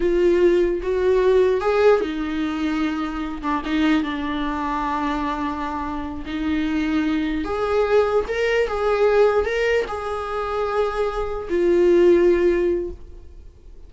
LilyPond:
\new Staff \with { instrumentName = "viola" } { \time 4/4 \tempo 4 = 149 f'2 fis'2 | gis'4 dis'2.~ | dis'8 d'8 dis'4 d'2~ | d'2.~ d'8 dis'8~ |
dis'2~ dis'8 gis'4.~ | gis'8 ais'4 gis'2 ais'8~ | ais'8 gis'2.~ gis'8~ | gis'8 f'2.~ f'8 | }